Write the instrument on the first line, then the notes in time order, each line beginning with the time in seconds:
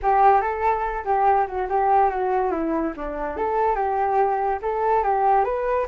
flute
0.02 G4
0.41 A4
1.05 G4
1.47 F#4
1.69 G4
2.09 F#4
2.51 E4
2.96 D4
3.36 A4
3.75 G4
4.62 A4
5.03 G4
5.44 B4